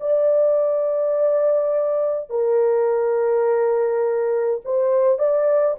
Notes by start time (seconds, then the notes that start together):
0.00 D5
2.30 A#4
4.65 C5
5.19 D5